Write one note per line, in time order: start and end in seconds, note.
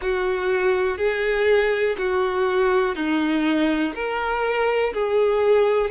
0.01 0.97 F#4
0.97 1.95 G#4
1.98 2.95 F#4
2.95 3.93 D#4
3.94 4.93 A#4
4.93 5.90 G#4